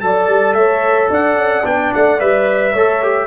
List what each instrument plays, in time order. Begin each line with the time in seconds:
0.00 tuba F#3, trombone A4, horn D5, trumpet A5
0.27 tuba G3
0.54 tuba A3, horn C#5, trumpet E5
1.10 tuba D4, horn D5, trumpet F#5
1.35 tuba C#4
1.64 tuba B3, trombone D4, trumpet G5
1.94 tuba A3, trumpet F#5
2.19 tuba G3, trombone B4, trumpet E5
2.73 tuba A3, trombone A4, horn C#5
3.02 trombone G4